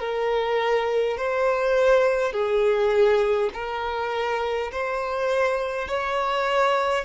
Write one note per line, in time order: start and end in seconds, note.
0.00 1.17 A#4
1.17 2.32 C5
2.32 3.50 G#4
3.53 4.71 A#4
4.72 5.88 C5
5.88 7.05 C#5